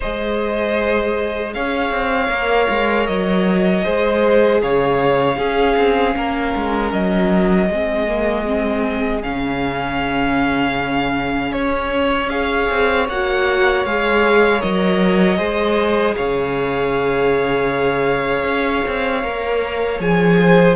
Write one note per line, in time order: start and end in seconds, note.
0.00 1.55 G#3
0.00 2.29 G#4
0.00 1.54 C5
0.00 1.53 D#5
1.53 1.90 C#4
1.53 3.84 C#5
1.53 3.06 F5
1.90 2.28 C4
2.29 2.67 A#3
2.29 3.82 A#4
2.69 3.08 G#3
3.06 3.85 F#3
3.06 4.60 D#5
3.82 4.62 G#3
3.82 5.36 G#4
3.82 4.61 C5
4.62 5.37 C#3
4.62 5.38 C#5
4.62 6.92 F5
5.36 7.67 C#4
5.36 5.75 C#4
5.36 6.15 G#4
5.76 6.15 C4
6.15 6.54 A#3
6.15 7.70 A#4
6.55 6.92 G#3
6.92 7.69 F#3
6.92 9.22 D#5
7.69 9.23 G#3
7.69 8.07 C4
7.69 12.30 G#4
8.07 8.46 A#3
8.46 9.23 C4
9.22 11.53 C#3
9.22 12.29 C#4
9.22 11.52 F5
11.52 12.68 C#4
11.52 12.29 C#5
12.29 13.06 G#4
12.29 15.37 C#5
12.29 13.06 F5
12.70 13.08 C4
13.08 13.85 A#3
13.08 13.87 F#4
13.08 13.85 F#5
13.85 14.62 G#3
13.85 14.60 G#4
13.85 14.61 F5
14.60 15.38 F#3
14.60 15.36 A#4
14.60 16.15 D#5
15.36 16.15 G#3
15.36 19.21 G#4
15.36 16.14 C5
16.16 18.43 C#3
16.16 20.39 C#5
16.16 20.00 F5
18.43 18.82 C#4
18.87 19.23 C4
19.23 19.99 A#3
19.23 19.99 A#4
19.99 20.75 F3
19.99 20.75 G#4
19.99 20.75 G#5
20.41 20.75 C5